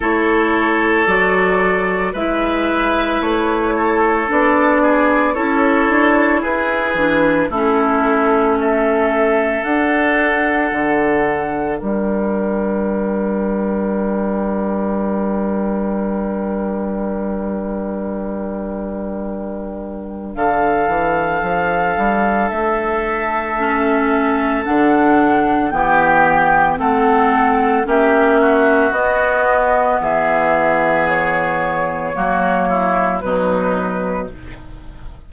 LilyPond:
<<
  \new Staff \with { instrumentName = "flute" } { \time 4/4 \tempo 4 = 56 cis''4 d''4 e''4 cis''4 | d''4 cis''4 b'4 a'4 | e''4 fis''2 g''4~ | g''1~ |
g''2. f''4~ | f''4 e''2 fis''4 | g''4 fis''4 e''4 dis''4 | e''4 cis''2 b'4 | }
  \new Staff \with { instrumentName = "oboe" } { \time 4/4 a'2 b'4. a'8~ | a'8 gis'8 a'4 gis'4 e'4 | a'2. ais'4~ | ais'1~ |
ais'2. a'4~ | a'1 | g'4 a'4 g'8 fis'4. | gis'2 fis'8 e'8 dis'4 | }
  \new Staff \with { instrumentName = "clarinet" } { \time 4/4 e'4 fis'4 e'2 | d'4 e'4. d'8 cis'4~ | cis'4 d'2.~ | d'1~ |
d'1~ | d'2 cis'4 d'4 | b4 c'4 cis'4 b4~ | b2 ais4 fis4 | }
  \new Staff \with { instrumentName = "bassoon" } { \time 4/4 a4 fis4 gis4 a4 | b4 cis'8 d'8 e'8 e8 a4~ | a4 d'4 d4 g4~ | g1~ |
g2. d8 e8 | f8 g8 a2 d4 | e4 a4 ais4 b4 | e2 fis4 b,4 | }
>>